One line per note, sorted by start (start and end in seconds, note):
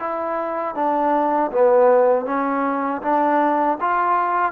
0.00 0.75 E4
0.75 1.51 D4
1.52 2.25 B3
2.25 3.01 C#4
3.02 3.78 D4
3.80 4.52 F4